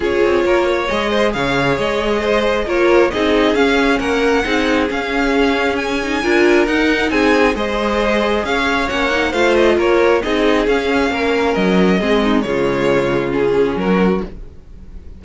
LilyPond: <<
  \new Staff \with { instrumentName = "violin" } { \time 4/4 \tempo 4 = 135 cis''2 dis''4 f''4 | dis''2 cis''4 dis''4 | f''4 fis''2 f''4~ | f''4 gis''2 fis''4 |
gis''4 dis''2 f''4 | fis''4 f''8 dis''8 cis''4 dis''4 | f''2 dis''2 | cis''2 gis'4 ais'4 | }
  \new Staff \with { instrumentName = "violin" } { \time 4/4 gis'4 ais'8 cis''4 c''8 cis''4~ | cis''4 c''4 ais'4 gis'4~ | gis'4 ais'4 gis'2~ | gis'2 ais'2 |
gis'4 c''2 cis''4~ | cis''4 c''4 ais'4 gis'4~ | gis'4 ais'2 gis'8 dis'8 | f'2. fis'4 | }
  \new Staff \with { instrumentName = "viola" } { \time 4/4 f'2 gis'2~ | gis'2 f'4 dis'4 | cis'2 dis'4 cis'4~ | cis'4. dis'8 f'4 dis'4~ |
dis'4 gis'2. | cis'8 dis'8 f'2 dis'4 | cis'2. c'4 | gis2 cis'2 | }
  \new Staff \with { instrumentName = "cello" } { \time 4/4 cis'8 c'8 ais4 gis4 cis4 | gis2 ais4 c'4 | cis'4 ais4 c'4 cis'4~ | cis'2 d'4 dis'4 |
c'4 gis2 cis'4 | ais4 a4 ais4 c'4 | cis'4 ais4 fis4 gis4 | cis2. fis4 | }
>>